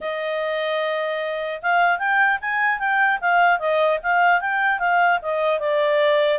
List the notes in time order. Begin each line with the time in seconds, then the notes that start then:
0.00 D#5
1.61 F5
1.99 G5
2.41 G#5
2.79 G5
3.20 F5
3.59 D#5
4.02 F5
4.41 G5
4.79 F5
5.22 D#5
5.59 D5